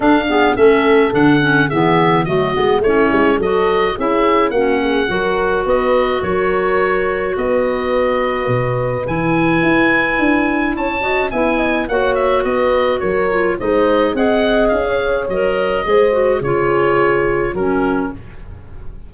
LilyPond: <<
  \new Staff \with { instrumentName = "oboe" } { \time 4/4 \tempo 4 = 106 f''4 e''4 fis''4 e''4 | dis''4 cis''4 dis''4 e''4 | fis''2 dis''4 cis''4~ | cis''4 dis''2. |
gis''2. a''4 | gis''4 fis''8 e''8 dis''4 cis''4 | dis''4 fis''4 f''4 dis''4~ | dis''4 cis''2 ais'4 | }
  \new Staff \with { instrumentName = "horn" } { \time 4/4 a'8 gis'8 a'2 gis'4 | fis'4 e'4 a'4 gis'4 | fis'8 gis'8 ais'4 b'4 ais'4~ | ais'4 b'2.~ |
b'2. cis''8 dis''8 | e''8 dis''8 cis''4 b'4 ais'4 | c''4 dis''4~ dis''16 cis''4.~ cis''16 | c''4 gis'2 fis'4 | }
  \new Staff \with { instrumentName = "clarinet" } { \time 4/4 d'8 b8 cis'4 d'8 cis'8 b4 | a8 b8 cis'4 fis'4 e'4 | cis'4 fis'2.~ | fis'1 |
e'2.~ e'8 fis'8 | e'4 fis'2~ fis'8 f'8 | dis'4 gis'2 ais'4 | gis'8 fis'8 f'2 cis'4 | }
  \new Staff \with { instrumentName = "tuba" } { \time 4/4 d'4 a4 d4 e4 | fis8 gis8 a8 gis8 fis4 cis'4 | ais4 fis4 b4 fis4~ | fis4 b2 b,4 |
e4 e'4 d'4 cis'4 | b4 ais4 b4 fis4 | gis4 c'4 cis'4 fis4 | gis4 cis2 fis4 | }
>>